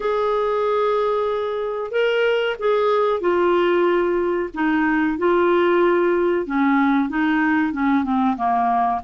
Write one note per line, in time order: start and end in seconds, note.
0.00 1.91 G#4
1.91 2.55 A#4
2.59 3.20 G#4
3.20 4.49 F4
4.54 5.18 D#4
5.18 6.45 F4
6.45 7.09 C#4
7.09 7.72 D#4
7.72 8.04 C#4
8.04 8.36 C4
8.36 9.01 A#3